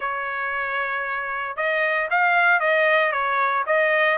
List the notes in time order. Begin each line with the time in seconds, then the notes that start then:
0.00 C#5
1.56 D#5
2.10 F5
2.60 D#5
3.12 C#5
3.66 D#5